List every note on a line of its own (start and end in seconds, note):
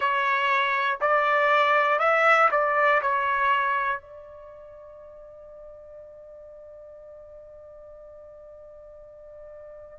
0.00 0.98 C#5
1.00 1.99 D5
1.99 2.49 E5
2.51 3.01 D5
3.01 4.00 C#5
4.00 9.99 D5